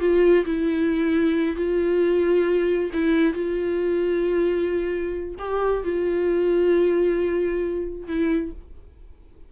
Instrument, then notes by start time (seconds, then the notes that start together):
viola
0.00 F4
0.45 E4
1.56 F4
2.93 E4
3.34 F4
5.39 G4
5.84 F4
8.07 E4